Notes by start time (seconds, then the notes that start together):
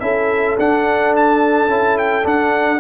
0.00 C#4 E4 A4 E5
0.59 D4 F#5
1.16 A5
1.68 C#4 E4
1.98 G5
2.23 D4 F#5